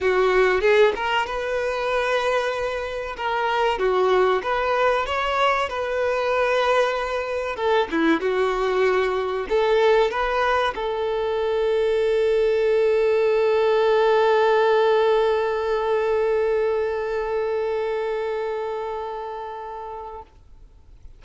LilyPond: \new Staff \with { instrumentName = "violin" } { \time 4/4 \tempo 4 = 95 fis'4 gis'8 ais'8 b'2~ | b'4 ais'4 fis'4 b'4 | cis''4 b'2. | a'8 e'8 fis'2 a'4 |
b'4 a'2.~ | a'1~ | a'1~ | a'1 | }